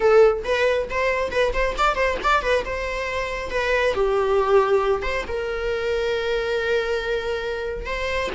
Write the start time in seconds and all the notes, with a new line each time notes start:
0.00 A4
0.44 B4
0.90 C5
1.31 B4
1.53 C5
1.77 D5
1.95 C5
2.23 D5
2.42 B4
2.65 C5
3.50 B4
3.93 G4
5.02 C5
5.27 A#4
7.86 C5